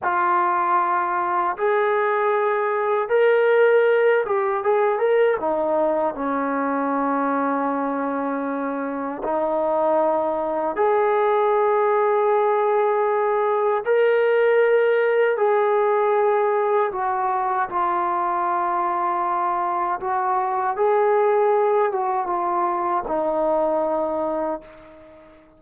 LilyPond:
\new Staff \with { instrumentName = "trombone" } { \time 4/4 \tempo 4 = 78 f'2 gis'2 | ais'4. g'8 gis'8 ais'8 dis'4 | cis'1 | dis'2 gis'2~ |
gis'2 ais'2 | gis'2 fis'4 f'4~ | f'2 fis'4 gis'4~ | gis'8 fis'8 f'4 dis'2 | }